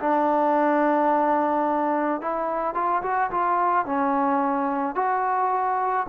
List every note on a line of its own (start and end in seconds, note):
0.00 2.21 D4
2.21 2.74 E4
2.74 3.02 F4
3.03 3.31 F#4
3.31 3.86 F4
3.86 4.95 C#4
4.95 6.07 F#4